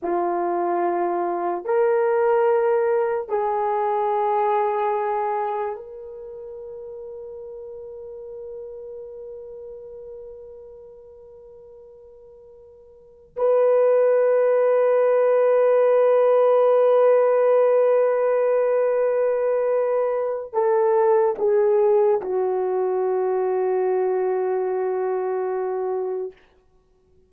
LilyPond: \new Staff \with { instrumentName = "horn" } { \time 4/4 \tempo 4 = 73 f'2 ais'2 | gis'2. ais'4~ | ais'1~ | ais'1~ |
ais'16 b'2.~ b'8.~ | b'1~ | b'4 a'4 gis'4 fis'4~ | fis'1 | }